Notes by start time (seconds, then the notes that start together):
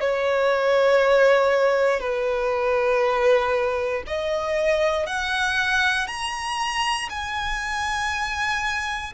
0.00 C#5
2.00 B4
4.07 D#5
5.06 F#5
6.07 A#5
7.10 G#5